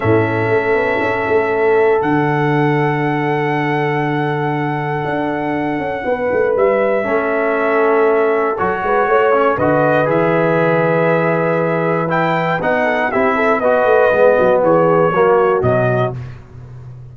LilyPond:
<<
  \new Staff \with { instrumentName = "trumpet" } { \time 4/4 \tempo 4 = 119 e''1 | fis''1~ | fis''1~ | fis''4 e''2.~ |
e''4 cis''2 dis''4 | e''1 | g''4 fis''4 e''4 dis''4~ | dis''4 cis''2 dis''4 | }
  \new Staff \with { instrumentName = "horn" } { \time 4/4 a'1~ | a'1~ | a'1 | b'2 a'2~ |
a'4. b'8 cis''4 b'4~ | b'1~ | b'4. a'8 g'8 a'8 b'4~ | b'8 fis'8 gis'4 fis'2 | }
  \new Staff \with { instrumentName = "trombone" } { \time 4/4 cis'1 | d'1~ | d'1~ | d'2 cis'2~ |
cis'4 fis'4. cis'8 fis'4 | gis'1 | e'4 dis'4 e'4 fis'4 | b2 ais4 fis4 | }
  \new Staff \with { instrumentName = "tuba" } { \time 4/4 a,4 a8 b8 cis'8 a4. | d1~ | d2 d'4. cis'8 | b8 a8 g4 a2~ |
a4 fis8 gis8 a4 d4 | e1~ | e4 b4 c'4 b8 a8 | gis8 fis8 e4 fis4 b,4 | }
>>